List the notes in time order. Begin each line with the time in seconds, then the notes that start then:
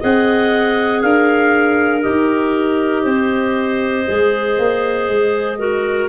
0.00 C4 G#4 D#5 F#5
1.02 D4 A#4 F5
2.02 D#4 G4 D#5
3.03 C4 C5
4.06 G#3 G#4
4.58 A#3
5.08 G#3
5.58 F#4 A#4